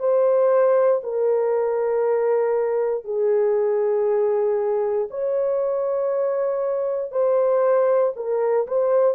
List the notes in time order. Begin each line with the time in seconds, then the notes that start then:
0.00 C5
1.04 A#4
3.05 G#4
5.11 C#5
7.12 C5
8.16 A#4
8.68 C5